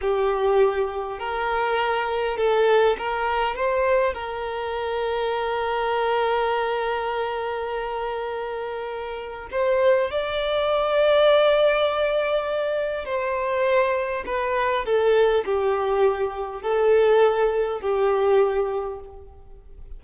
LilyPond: \new Staff \with { instrumentName = "violin" } { \time 4/4 \tempo 4 = 101 g'2 ais'2 | a'4 ais'4 c''4 ais'4~ | ais'1~ | ais'1 |
c''4 d''2.~ | d''2 c''2 | b'4 a'4 g'2 | a'2 g'2 | }